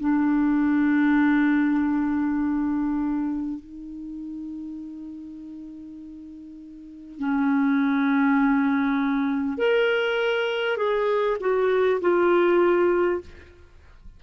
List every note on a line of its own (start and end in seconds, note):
0.00 3.60 D4
3.60 7.19 D#4
7.19 9.58 C#4
9.58 10.77 A#4
10.77 11.37 G#4
11.41 12.01 F#4
12.01 13.21 F4